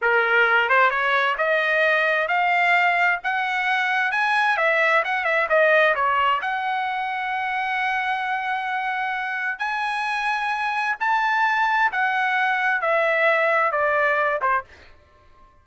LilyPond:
\new Staff \with { instrumentName = "trumpet" } { \time 4/4 \tempo 4 = 131 ais'4. c''8 cis''4 dis''4~ | dis''4 f''2 fis''4~ | fis''4 gis''4 e''4 fis''8 e''8 | dis''4 cis''4 fis''2~ |
fis''1~ | fis''4 gis''2. | a''2 fis''2 | e''2 d''4. c''8 | }